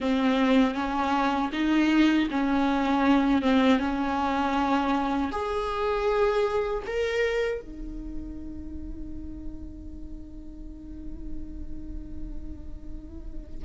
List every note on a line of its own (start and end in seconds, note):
0.00 0.74 C4
0.74 1.50 C#4
1.52 2.28 D#4
2.30 3.42 C#4
3.42 3.79 C4
3.79 5.31 C#4
5.31 6.83 G#4
6.86 7.61 A#4
7.61 13.65 D#4